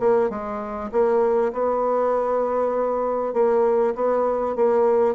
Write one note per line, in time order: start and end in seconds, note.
0.00 0.30 A#3
0.30 0.91 G#3
0.92 1.53 A#3
1.53 3.34 B3
3.34 3.94 A#3
3.96 4.56 B3
4.56 5.15 A#3